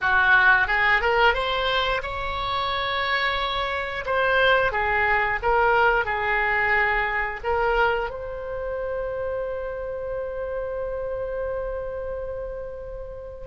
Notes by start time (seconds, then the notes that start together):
0.01 F#4
0.67 G#4
1.01 A#4
1.34 C5
2.02 C#5
4.05 C5
4.72 G#4
5.42 A#4
6.05 G#4
7.43 A#4
8.10 C5